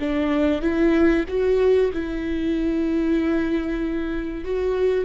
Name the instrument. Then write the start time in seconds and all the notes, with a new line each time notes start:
viola
0.00 D4
0.62 E4
1.29 F#4
1.93 E4
4.45 F#4